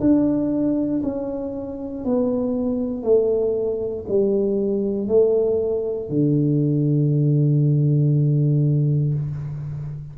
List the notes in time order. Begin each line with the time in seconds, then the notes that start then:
0.00 D4
1.03 C#4
2.04 B3
3.03 A3
4.08 G3
5.08 A3
6.09 D3